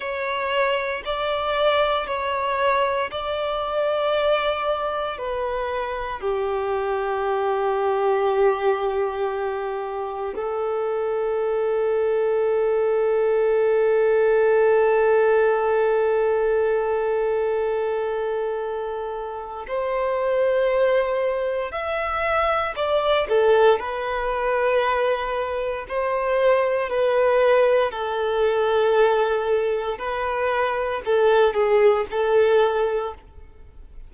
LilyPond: \new Staff \with { instrumentName = "violin" } { \time 4/4 \tempo 4 = 58 cis''4 d''4 cis''4 d''4~ | d''4 b'4 g'2~ | g'2 a'2~ | a'1~ |
a'2. c''4~ | c''4 e''4 d''8 a'8 b'4~ | b'4 c''4 b'4 a'4~ | a'4 b'4 a'8 gis'8 a'4 | }